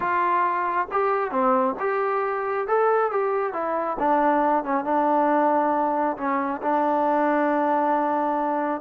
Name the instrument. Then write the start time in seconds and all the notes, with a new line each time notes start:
trombone
0.00 F4
0.91 G4
1.31 C4
1.79 G4
2.67 A4
3.11 G4
3.53 E4
3.99 D4
4.64 C#4
4.84 D4
6.17 C#4
6.62 D4